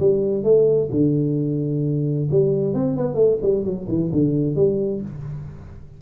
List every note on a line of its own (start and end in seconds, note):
0.00 0.44 G3
0.44 0.90 A3
0.92 2.29 D3
2.31 2.74 G3
2.74 2.97 C4
2.97 3.15 B3
3.15 3.38 A3
3.42 3.65 G3
3.65 3.88 F#3
3.89 4.12 E3
4.12 4.56 D3
4.56 5.02 G3